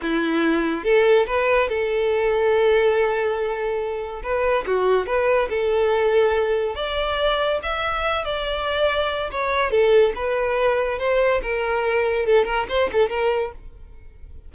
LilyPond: \new Staff \with { instrumentName = "violin" } { \time 4/4 \tempo 4 = 142 e'2 a'4 b'4 | a'1~ | a'2 b'4 fis'4 | b'4 a'2. |
d''2 e''4. d''8~ | d''2 cis''4 a'4 | b'2 c''4 ais'4~ | ais'4 a'8 ais'8 c''8 a'8 ais'4 | }